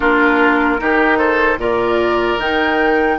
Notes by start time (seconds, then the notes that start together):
0.00 A#3 D4 F4 A#4
0.78 D#3 D#4 G4
1.18 A4 C5
1.57 A#2 F4 A#4 D5
2.38 D#3 D#4 G5